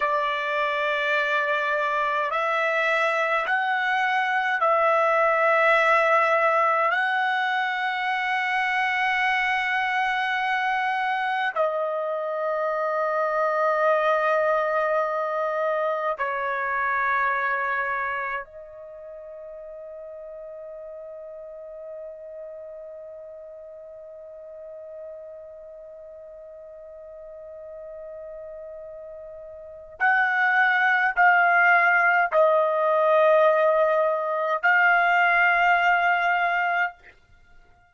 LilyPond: \new Staff \with { instrumentName = "trumpet" } { \time 4/4 \tempo 4 = 52 d''2 e''4 fis''4 | e''2 fis''2~ | fis''2 dis''2~ | dis''2 cis''2 |
dis''1~ | dis''1~ | dis''2 fis''4 f''4 | dis''2 f''2 | }